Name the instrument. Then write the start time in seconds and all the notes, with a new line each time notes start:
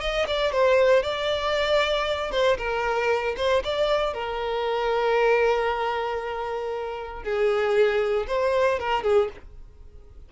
violin
0.00 D#5
0.27 D5
0.52 C5
1.03 D5
2.31 C5
2.57 A#4
3.37 C5
3.64 D5
4.14 A#4
7.23 G#4
8.27 C5
8.79 A#4
9.03 G#4